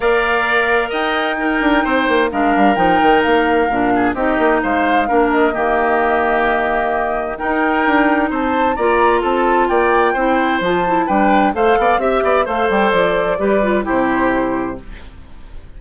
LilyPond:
<<
  \new Staff \with { instrumentName = "flute" } { \time 4/4 \tempo 4 = 130 f''2 g''2~ | g''4 f''4 g''4 f''4~ | f''4 dis''4 f''4. dis''8~ | dis''1 |
g''2 a''4 ais''4 | a''4 g''2 a''4 | g''4 f''4 e''4 f''8 g''8 | d''2 c''2 | }
  \new Staff \with { instrumentName = "oboe" } { \time 4/4 d''2 dis''4 ais'4 | c''4 ais'2.~ | ais'8 gis'8 g'4 c''4 ais'4 | g'1 |
ais'2 c''4 d''4 | a'4 d''4 c''2 | b'4 c''8 d''8 e''8 d''8 c''4~ | c''4 b'4 g'2 | }
  \new Staff \with { instrumentName = "clarinet" } { \time 4/4 ais'2. dis'4~ | dis'4 d'4 dis'2 | d'4 dis'2 d'4 | ais1 |
dis'2. f'4~ | f'2 e'4 f'8 e'8 | d'4 a'4 g'4 a'4~ | a'4 g'8 f'8 e'2 | }
  \new Staff \with { instrumentName = "bassoon" } { \time 4/4 ais2 dis'4. d'8 | c'8 ais8 gis8 g8 f8 dis8 ais4 | ais,4 c'8 ais8 gis4 ais4 | dis1 |
dis'4 d'4 c'4 ais4 | c'4 ais4 c'4 f4 | g4 a8 b8 c'8 b8 a8 g8 | f4 g4 c2 | }
>>